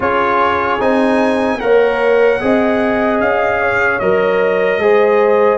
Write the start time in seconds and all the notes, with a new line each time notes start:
0.00 C#4 F4 G#4 C#5
0.79 C4 D#4 G#5
1.59 A#3 A#4 C#5 F#5
2.40 C4 G#4 D#5
3.20 C#4 F5
3.61 C#5
3.99 F#3 A#4 D#5
4.77 G#3 G#4 C5